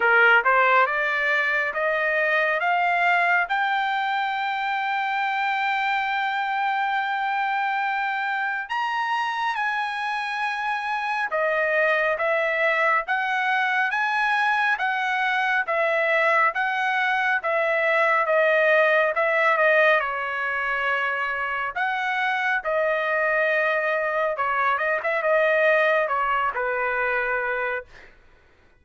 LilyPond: \new Staff \with { instrumentName = "trumpet" } { \time 4/4 \tempo 4 = 69 ais'8 c''8 d''4 dis''4 f''4 | g''1~ | g''2 ais''4 gis''4~ | gis''4 dis''4 e''4 fis''4 |
gis''4 fis''4 e''4 fis''4 | e''4 dis''4 e''8 dis''8 cis''4~ | cis''4 fis''4 dis''2 | cis''8 dis''16 e''16 dis''4 cis''8 b'4. | }